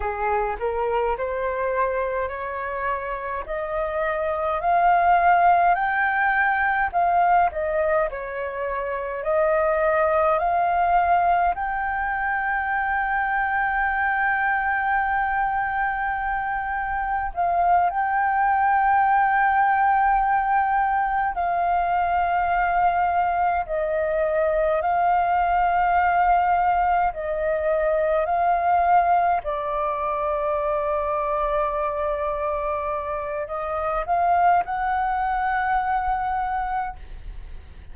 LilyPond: \new Staff \with { instrumentName = "flute" } { \time 4/4 \tempo 4 = 52 gis'8 ais'8 c''4 cis''4 dis''4 | f''4 g''4 f''8 dis''8 cis''4 | dis''4 f''4 g''2~ | g''2. f''8 g''8~ |
g''2~ g''8 f''4.~ | f''8 dis''4 f''2 dis''8~ | dis''8 f''4 d''2~ d''8~ | d''4 dis''8 f''8 fis''2 | }